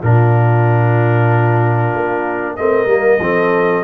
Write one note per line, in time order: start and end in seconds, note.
0.00 1.94 A#2
0.00 2.58 D4
0.00 2.55 F4
0.00 2.56 A#4
1.94 2.58 A#3
2.56 2.86 A3
2.56 2.87 C4
2.56 3.22 A#4
2.56 3.84 D#5
2.86 3.18 G3
2.86 3.19 A#3
3.19 3.83 F3
3.19 3.84 C4
3.19 3.84 A4